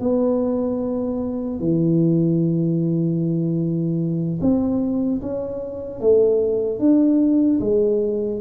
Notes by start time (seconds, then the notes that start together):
0.00 B3
1.60 E3
4.41 C4
5.21 C#4
6.00 A3
6.79 D4
7.60 G#3